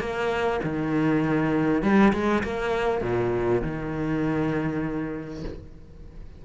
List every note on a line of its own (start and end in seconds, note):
0.00 0.61 A#3
0.64 1.83 D#3
1.83 2.13 G3
2.13 2.44 G#3
2.44 3.02 A#3
3.02 3.62 A#2
3.62 5.44 D#3